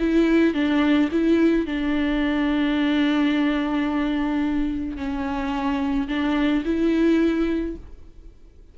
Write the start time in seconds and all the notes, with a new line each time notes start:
0.00 E4
0.54 D4
1.12 E4
1.66 D4
4.97 C#4
6.08 D4
6.65 E4